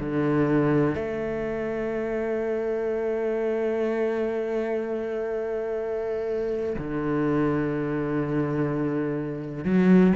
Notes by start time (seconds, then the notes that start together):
0.00 D3
0.95 A3
6.78 D3
9.64 F#3